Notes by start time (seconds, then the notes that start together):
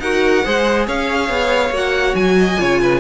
0.00 D#4 F#4 A#4 F#5
0.45 G#3 G#4 C5
0.87 C#4 C#5 F5
1.30 B3
1.70 A#3 F#4
1.77 F#5
2.15 F#3 G#5
2.39 D#5
2.58 C#3 F4 C#5
2.82 B4